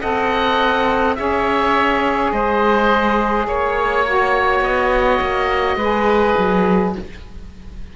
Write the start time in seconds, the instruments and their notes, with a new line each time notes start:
0.00 cello C4, saxophone A4, oboe D#5 F#5
1.15 cello C#4, saxophone G#4, oboe C#5 E5
2.31 cello G#3, oboe C5 D#5
3.47 cello A#3, oboe C#5
4.06 saxophone F#4
4.61 cello B3, oboe D#5
5.21 cello A#3
5.76 cello G#3, saxophone G#4, oboe B4
6.37 cello F#3